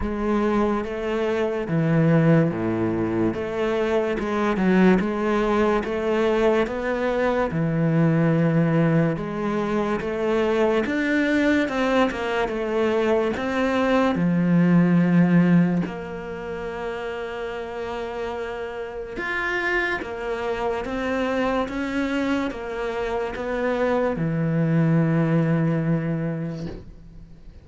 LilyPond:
\new Staff \with { instrumentName = "cello" } { \time 4/4 \tempo 4 = 72 gis4 a4 e4 a,4 | a4 gis8 fis8 gis4 a4 | b4 e2 gis4 | a4 d'4 c'8 ais8 a4 |
c'4 f2 ais4~ | ais2. f'4 | ais4 c'4 cis'4 ais4 | b4 e2. | }